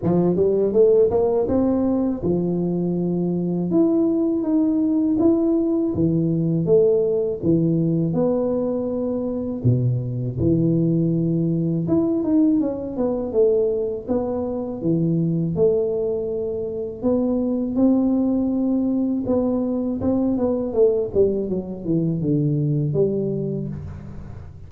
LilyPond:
\new Staff \with { instrumentName = "tuba" } { \time 4/4 \tempo 4 = 81 f8 g8 a8 ais8 c'4 f4~ | f4 e'4 dis'4 e'4 | e4 a4 e4 b4~ | b4 b,4 e2 |
e'8 dis'8 cis'8 b8 a4 b4 | e4 a2 b4 | c'2 b4 c'8 b8 | a8 g8 fis8 e8 d4 g4 | }